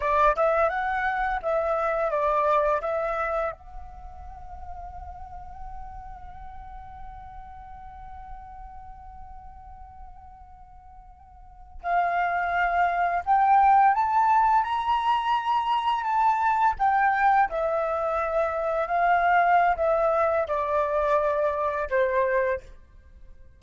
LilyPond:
\new Staff \with { instrumentName = "flute" } { \time 4/4 \tempo 4 = 85 d''8 e''8 fis''4 e''4 d''4 | e''4 fis''2.~ | fis''1~ | fis''1~ |
fis''8. f''2 g''4 a''16~ | a''8. ais''2 a''4 g''16~ | g''8. e''2 f''4~ f''16 | e''4 d''2 c''4 | }